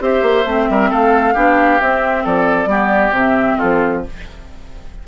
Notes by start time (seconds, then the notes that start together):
0.00 C4 G4 C5 E5
0.22 A#3
0.46 A3 C4
0.69 G3 A#4
0.90 A3 A4 F5
1.34 B3 D4 G4
1.81 C4 E5
2.25 F3 A4 D5
2.66 G3 B3 G4
3.11 C3
3.17 C4 E5
3.57 F3 F4 A4